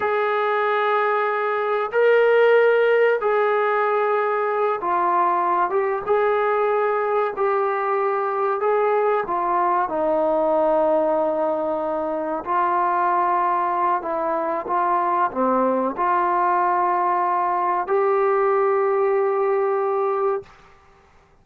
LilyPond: \new Staff \with { instrumentName = "trombone" } { \time 4/4 \tempo 4 = 94 gis'2. ais'4~ | ais'4 gis'2~ gis'8 f'8~ | f'4 g'8 gis'2 g'8~ | g'4. gis'4 f'4 dis'8~ |
dis'2.~ dis'8 f'8~ | f'2 e'4 f'4 | c'4 f'2. | g'1 | }